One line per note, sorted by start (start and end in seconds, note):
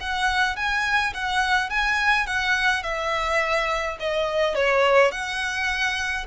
0.00 0.56 F#5
0.56 1.13 G#5
1.14 1.70 F#5
1.70 2.26 G#5
2.26 2.83 F#5
2.83 3.97 E5
4.00 4.55 D#5
4.55 5.11 C#5
5.11 6.26 F#5